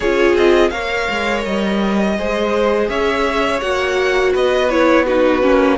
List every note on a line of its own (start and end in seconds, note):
0.00 0.34 C#4
0.00 0.72 F4
0.00 0.71 G#4
0.00 0.35 C#5
0.34 0.70 C4
0.34 0.69 D#5
0.69 1.08 A#3
0.69 2.17 A#4
0.69 2.16 C#5
0.69 1.42 F5
1.09 1.45 G#3
1.45 2.18 G3
1.45 2.89 D#5
2.17 2.89 G#3
2.17 3.61 G#4
2.17 2.89 C5
2.89 3.61 C#4
2.89 4.33 C#5
2.89 3.60 E5
3.60 4.34 A#3
3.60 4.70 F#4
3.60 4.32 F#5
4.33 5.43 B3
4.33 5.05 B4
4.33 4.69 D#5
4.69 5.06 E4
4.69 5.05 C#5
5.05 5.42 D#4
5.05 5.77 F#4
5.05 5.78 B4
5.42 5.78 A#3
5.42 5.78 C#4